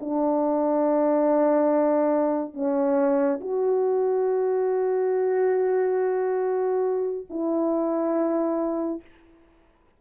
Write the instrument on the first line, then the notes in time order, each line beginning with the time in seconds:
horn
0.00 D4
2.54 C#4
3.41 F#4
7.29 E4